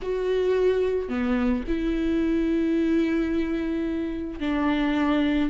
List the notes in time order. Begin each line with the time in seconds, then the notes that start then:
0.02 F#4
1.08 B3
1.67 E4
4.39 D4